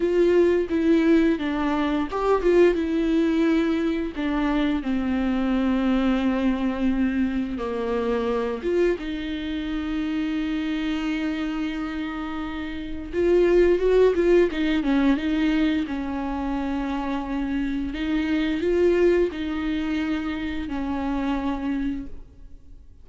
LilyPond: \new Staff \with { instrumentName = "viola" } { \time 4/4 \tempo 4 = 87 f'4 e'4 d'4 g'8 f'8 | e'2 d'4 c'4~ | c'2. ais4~ | ais8 f'8 dis'2.~ |
dis'2. f'4 | fis'8 f'8 dis'8 cis'8 dis'4 cis'4~ | cis'2 dis'4 f'4 | dis'2 cis'2 | }